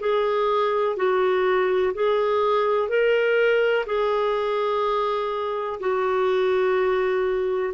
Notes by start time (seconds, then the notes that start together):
0.00 G#4
0.96 F#4
1.94 G#4
2.89 A#4
3.86 G#4
5.80 F#4